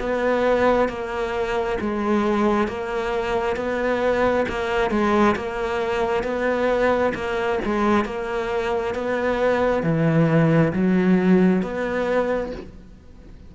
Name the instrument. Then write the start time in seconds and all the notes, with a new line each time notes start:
cello
0.00 B3
0.89 A#3
1.81 G#3
2.68 A#3
3.57 B3
4.49 A#3
4.91 G#3
5.36 A#3
6.24 B3
7.15 A#3
7.65 G#3
8.06 A#3
8.95 B3
9.83 E3
10.73 F#3
11.63 B3